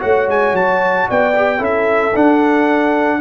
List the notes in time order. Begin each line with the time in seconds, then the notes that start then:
0.00 A3 F#4 C#5 F#5
0.28 G#3 G#5
0.53 F#3 A5
1.09 B3 D5 G5
1.36 G4
1.59 C#4 E4 A4 E5
2.15 D4 F#5